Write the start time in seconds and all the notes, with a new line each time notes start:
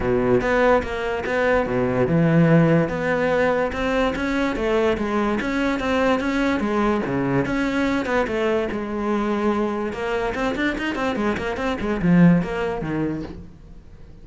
0.00 B2
0.41 B3
0.82 A#3
1.25 B3
1.66 B2
2.07 E3
2.89 B3
3.72 C4
4.15 C#4
4.56 A3
4.97 G#3
5.40 C#4
5.79 C4
6.20 C#4
6.60 G#3
7.06 C#3
7.45 C#4
8.05 B3
8.27 A3
8.71 G#3
9.92 A#3
10.34 C4
10.55 D4
10.78 D#4
10.95 C4
11.16 G#3
11.37 A#3
11.57 C4
11.80 G#3
12.02 F3
12.42 A#3
12.81 D#3